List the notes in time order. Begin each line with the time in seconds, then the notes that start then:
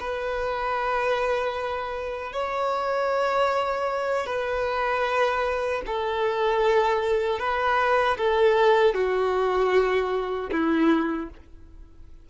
0.00 B4
2.33 C#5
4.26 B4
5.86 A4
7.40 B4
8.18 A4
8.95 F#4
10.52 E4